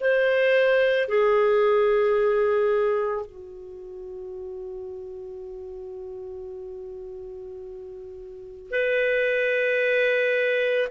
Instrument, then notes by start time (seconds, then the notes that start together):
clarinet
0.00 C5
1.08 G#4
3.26 F#4
8.70 B4